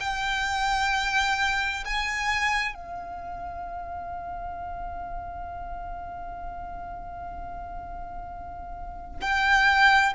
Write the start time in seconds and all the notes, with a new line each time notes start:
0.00 G5
1.85 G#5
2.75 F5
9.21 G5